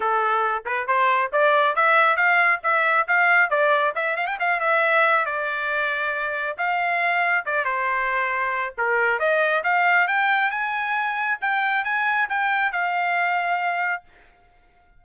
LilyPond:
\new Staff \with { instrumentName = "trumpet" } { \time 4/4 \tempo 4 = 137 a'4. b'8 c''4 d''4 | e''4 f''4 e''4 f''4 | d''4 e''8 f''16 g''16 f''8 e''4. | d''2. f''4~ |
f''4 d''8 c''2~ c''8 | ais'4 dis''4 f''4 g''4 | gis''2 g''4 gis''4 | g''4 f''2. | }